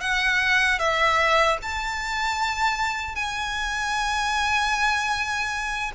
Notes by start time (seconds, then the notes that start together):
0.00 F#5
0.79 E5
1.62 A5
3.15 G#5